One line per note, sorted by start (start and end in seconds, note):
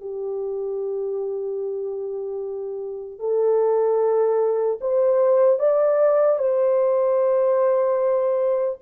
0.00 3.19 G4
3.19 4.79 A4
4.80 5.59 C5
5.59 6.38 D5
6.38 8.78 C5